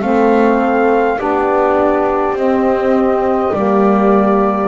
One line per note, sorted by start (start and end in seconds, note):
0.00 1.19 A3
0.00 1.18 C4
0.00 1.18 A4
0.00 1.18 F5
1.18 2.32 B3
1.18 2.36 D4
1.18 4.68 G4
1.18 2.36 D5
2.32 3.50 C4
2.32 3.53 C4
2.32 3.54 D#5
3.53 4.68 G3
3.53 4.68 A#3
3.53 4.68 D5